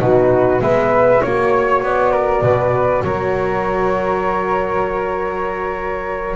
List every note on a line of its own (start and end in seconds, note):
0.00 0.61 B2
0.00 0.59 D#4
0.00 0.62 F#4
0.00 0.61 B4
0.59 1.21 G#3
0.59 1.20 B3
0.59 1.21 B4
0.59 1.22 E5
1.20 1.83 A#3
1.20 6.35 F#4
1.20 2.12 C#5
1.20 1.82 C#5
1.83 2.42 B3
1.83 3.03 D5
2.12 2.42 A#4
2.42 3.03 B2
2.42 3.03 B4
3.03 6.36 F#3
3.03 6.36 A#4
3.03 6.36 C#5